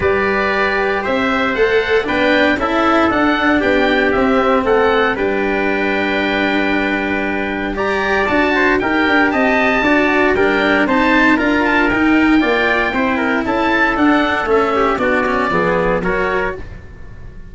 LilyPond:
<<
  \new Staff \with { instrumentName = "oboe" } { \time 4/4 \tempo 4 = 116 d''2 e''4 fis''4 | g''4 e''4 fis''4 g''4 | e''4 fis''4 g''2~ | g''2. ais''4 |
a''4 g''4 a''2 | g''4 a''4 ais''8 a''8 g''4~ | g''2 a''4 fis''4 | e''4 d''2 cis''4 | }
  \new Staff \with { instrumentName = "trumpet" } { \time 4/4 b'2 c''2 | b'4 a'2 g'4~ | g'4 a'4 b'2~ | b'2. d''4~ |
d''8 c''8 ais'4 dis''4 d''4 | ais'4 c''4 ais'2 | d''4 c''8 ais'8 a'2~ | a'8 g'8 fis'4 gis'4 ais'4 | }
  \new Staff \with { instrumentName = "cello" } { \time 4/4 g'2. a'4 | d'4 e'4 d'2 | c'2 d'2~ | d'2. g'4 |
fis'4 g'2 fis'4 | d'4 dis'4 f'4 dis'4 | f'4 e'2 d'4 | cis'4 d'8 cis'8 b4 fis'4 | }
  \new Staff \with { instrumentName = "tuba" } { \time 4/4 g2 c'4 a4 | b4 cis'4 d'4 b4 | c'4 a4 g2~ | g1 |
d'4 dis'8 d'8 c'4 d'4 | g4 c'4 d'4 dis'4 | ais4 c'4 cis'4 d'4 | a4 b4 f4 fis4 | }
>>